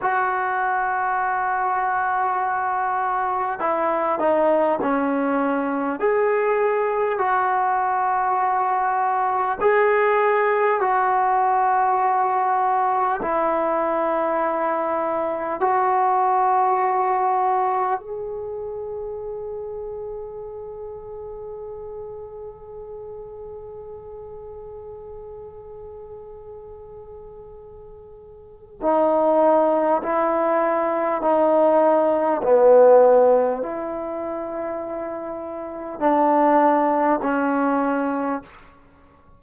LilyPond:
\new Staff \with { instrumentName = "trombone" } { \time 4/4 \tempo 4 = 50 fis'2. e'8 dis'8 | cis'4 gis'4 fis'2 | gis'4 fis'2 e'4~ | e'4 fis'2 gis'4~ |
gis'1~ | gis'1 | dis'4 e'4 dis'4 b4 | e'2 d'4 cis'4 | }